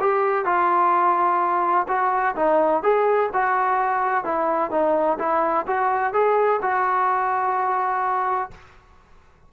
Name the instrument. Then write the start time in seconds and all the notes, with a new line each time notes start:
trombone
0.00 G4
0.45 F4
1.88 F#4
2.36 D#4
2.83 G#4
3.33 F#4
4.25 E4
4.71 D#4
5.19 E4
5.67 F#4
6.13 G#4
6.62 F#4